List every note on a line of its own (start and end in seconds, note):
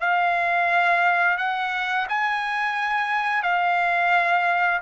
0.00 1.37 F5
1.37 2.06 F#5
2.09 3.43 G#5
3.43 4.81 F5